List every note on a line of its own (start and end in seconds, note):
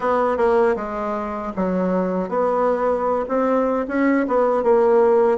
0.00 0.37 B3
0.37 0.75 A#3
0.76 1.52 G#3
1.56 2.29 F#3
2.29 3.25 B3
3.28 3.86 C4
3.88 4.26 C#4
4.27 4.63 B3
4.63 5.38 A#3